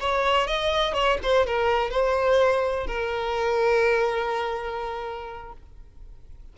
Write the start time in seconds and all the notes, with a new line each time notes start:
0.00 C#5
0.47 D#5
0.94 C#5
1.23 C5
1.46 A#4
1.90 C5
2.87 A#4